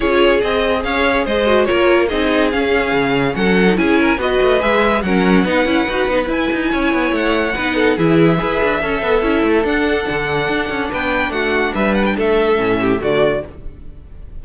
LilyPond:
<<
  \new Staff \with { instrumentName = "violin" } { \time 4/4 \tempo 4 = 143 cis''4 dis''4 f''4 dis''4 | cis''4 dis''4 f''2 | fis''4 gis''4 dis''4 e''4 | fis''2. gis''4~ |
gis''4 fis''2 e''4~ | e''2. fis''4~ | fis''2 g''4 fis''4 | e''8 fis''16 g''16 e''2 d''4 | }
  \new Staff \with { instrumentName = "violin" } { \time 4/4 gis'2 cis''4 c''4 | ais'4 gis'2. | a'4 gis'8 ais'8 b'2 | ais'4 b'2. |
cis''2 b'8 a'8 gis'4 | b'4 a'2.~ | a'2 b'4 fis'4 | b'4 a'4. g'8 fis'4 | }
  \new Staff \with { instrumentName = "viola" } { \time 4/4 f'4 gis'2~ gis'8 fis'8 | f'4 dis'4 cis'2~ | cis'8. dis'16 e'4 fis'4 gis'4 | cis'4 dis'8 e'8 fis'8 dis'8 e'4~ |
e'2 dis'4 e'4 | gis'4 a'4 e'4 d'4~ | d'1~ | d'2 cis'4 a4 | }
  \new Staff \with { instrumentName = "cello" } { \time 4/4 cis'4 c'4 cis'4 gis4 | ais4 c'4 cis'4 cis4 | fis4 cis'4 b8 a8 gis4 | fis4 b8 cis'8 dis'8 b8 e'8 dis'8 |
cis'8 b8 a4 b4 e4 | e'8 d'8 cis'8 b8 cis'8 a8 d'4 | d4 d'8 cis'8 b4 a4 | g4 a4 a,4 d4 | }
>>